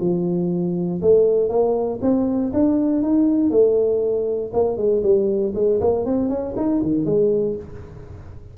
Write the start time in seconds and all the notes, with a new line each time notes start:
0.00 F3
1.02 A3
1.49 A#3
2.02 C4
2.53 D4
3.03 D#4
3.50 A3
4.53 A#3
4.77 G#3
5.03 G3
5.55 G#3
5.81 A#3
6.05 C4
6.30 C#4
6.57 D#4
6.82 D#3
7.05 G#3